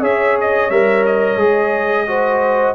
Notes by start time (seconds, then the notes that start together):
0.00 C#4 G#4 C#5 E5
0.40 D#5
0.70 G3 A#4 E5
1.06 D#5
1.35 G#3 G#4
2.07 F#4 C5